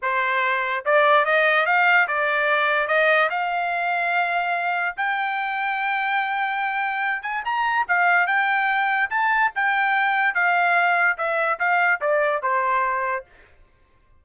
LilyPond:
\new Staff \with { instrumentName = "trumpet" } { \time 4/4 \tempo 4 = 145 c''2 d''4 dis''4 | f''4 d''2 dis''4 | f''1 | g''1~ |
g''4. gis''8 ais''4 f''4 | g''2 a''4 g''4~ | g''4 f''2 e''4 | f''4 d''4 c''2 | }